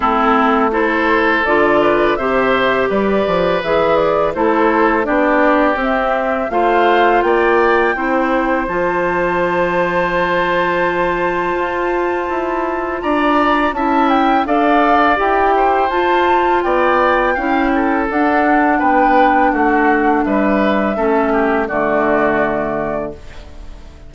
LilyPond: <<
  \new Staff \with { instrumentName = "flute" } { \time 4/4 \tempo 4 = 83 a'4 c''4 d''4 e''4 | d''4 e''8 d''8 c''4 d''4 | e''4 f''4 g''2 | a''1~ |
a''2 ais''4 a''8 g''8 | f''4 g''4 a''4 g''4~ | g''4 fis''4 g''4 fis''4 | e''2 d''2 | }
  \new Staff \with { instrumentName = "oboe" } { \time 4/4 e'4 a'4. b'8 c''4 | b'2 a'4 g'4~ | g'4 c''4 d''4 c''4~ | c''1~ |
c''2 d''4 e''4 | d''4. c''4. d''4 | f''8 a'4. b'4 fis'4 | b'4 a'8 g'8 fis'2 | }
  \new Staff \with { instrumentName = "clarinet" } { \time 4/4 c'4 e'4 f'4 g'4~ | g'4 gis'4 e'4 d'4 | c'4 f'2 e'4 | f'1~ |
f'2. e'4 | a'4 g'4 f'2 | e'4 d'2.~ | d'4 cis'4 a2 | }
  \new Staff \with { instrumentName = "bassoon" } { \time 4/4 a2 d4 c4 | g8 f8 e4 a4 b4 | c'4 a4 ais4 c'4 | f1 |
f'4 e'4 d'4 cis'4 | d'4 e'4 f'4 b4 | cis'4 d'4 b4 a4 | g4 a4 d2 | }
>>